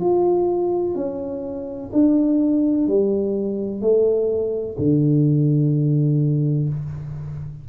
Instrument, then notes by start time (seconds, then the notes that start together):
tuba
0.00 F4
0.95 C#4
1.92 D4
2.87 G3
3.81 A3
4.78 D3